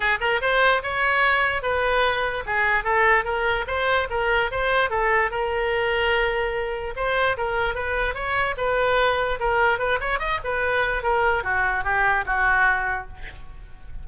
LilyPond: \new Staff \with { instrumentName = "oboe" } { \time 4/4 \tempo 4 = 147 gis'8 ais'8 c''4 cis''2 | b'2 gis'4 a'4 | ais'4 c''4 ais'4 c''4 | a'4 ais'2.~ |
ais'4 c''4 ais'4 b'4 | cis''4 b'2 ais'4 | b'8 cis''8 dis''8 b'4. ais'4 | fis'4 g'4 fis'2 | }